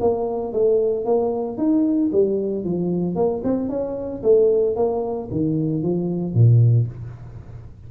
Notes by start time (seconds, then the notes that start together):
0.00 A#3
0.52 A3
1.05 A#3
1.57 D#4
2.12 G3
2.64 F3
3.15 A#3
3.44 C4
3.69 C#4
4.23 A3
4.76 A#3
5.31 D#3
5.83 F3
6.34 A#2